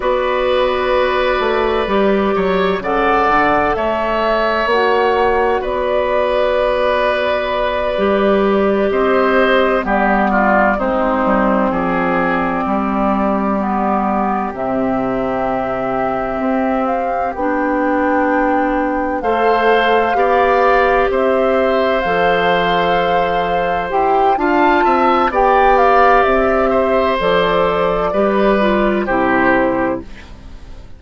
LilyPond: <<
  \new Staff \with { instrumentName = "flute" } { \time 4/4 \tempo 4 = 64 d''2. fis''4 | e''4 fis''4 d''2~ | d''4. dis''4 d''4 c''8~ | c''8 d''2. e''8~ |
e''2 f''8 g''4.~ | g''8 f''2 e''4 f''8~ | f''4. g''8 a''4 g''8 f''8 | e''4 d''2 c''4 | }
  \new Staff \with { instrumentName = "oboe" } { \time 4/4 b'2~ b'8 cis''8 d''4 | cis''2 b'2~ | b'4. c''4 g'8 f'8 dis'8~ | dis'8 gis'4 g'2~ g'8~ |
g'1~ | g'8 c''4 d''4 c''4.~ | c''2 f''8 e''8 d''4~ | d''8 c''4. b'4 g'4 | }
  \new Staff \with { instrumentName = "clarinet" } { \time 4/4 fis'2 g'4 a'4~ | a'4 fis'2.~ | fis'8 g'2 b4 c'8~ | c'2~ c'8 b4 c'8~ |
c'2~ c'8 d'4.~ | d'8 a'4 g'2 a'8~ | a'4. g'8 f'4 g'4~ | g'4 a'4 g'8 f'8 e'4 | }
  \new Staff \with { instrumentName = "bassoon" } { \time 4/4 b4. a8 g8 fis8 cis8 d8 | a4 ais4 b2~ | b8 g4 c'4 g4 gis8 | g8 f4 g2 c8~ |
c4. c'4 b4.~ | b8 a4 b4 c'4 f8~ | f4. e'8 d'8 c'8 b4 | c'4 f4 g4 c4 | }
>>